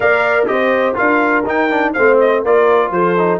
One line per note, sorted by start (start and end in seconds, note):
0.00 0.48 A#3
0.00 0.46 A#4
0.00 0.48 D5
0.00 0.46 F5
0.46 0.97 C4
0.46 0.94 G4
0.46 0.95 C5
0.46 0.95 D#5
0.94 1.45 D4
0.94 1.43 F4
0.94 1.93 A#4
0.94 1.45 F5
1.45 1.94 D#4
1.45 1.70 D#4
1.45 1.93 G5
1.70 1.94 D4
1.93 2.44 A3
1.93 2.45 C4
1.93 2.42 C5
1.93 2.17 F5
2.20 2.44 D#5
2.42 2.90 A#3
2.42 3.17 F4
2.42 2.91 A#4
2.42 2.92 D5
2.90 3.39 F3
2.90 3.39 A4
2.90 3.39 C5
3.17 3.39 D#4